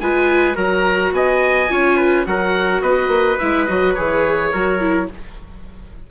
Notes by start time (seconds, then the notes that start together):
0.00 G#3 F4 B4 G#5
0.54 F#3 F#4 A#4 A#5
1.12 B3 D#5 G#5
1.69 C#4 F4 C#5
1.97 B4
2.25 F#3 F#4 A#4 F#5
2.82 B3 B4 D#5
3.08 A#3
3.38 G#3 E4 E5
3.65 F#3 F#4 D#5
3.94 E3 G#4 C#5
4.52 F#3 F#4 A#4
4.80 E4